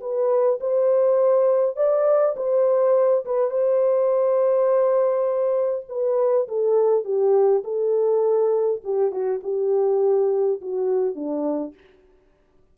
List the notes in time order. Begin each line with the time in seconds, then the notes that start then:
0.00 B4
0.60 C5
1.76 D5
2.36 C5
3.25 B4
3.50 C5
5.89 B4
6.48 A4
7.04 G4
7.64 A4
8.84 G4
9.11 F#4
9.43 G4
10.61 F#4
11.15 D4